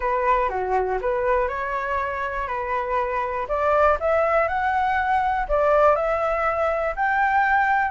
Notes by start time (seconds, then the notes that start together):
0.00 B4
0.49 F#4
1.01 B4
1.48 C#5
2.47 B4
3.48 D5
4.00 E5
4.47 F#5
5.48 D5
5.95 E5
6.95 G5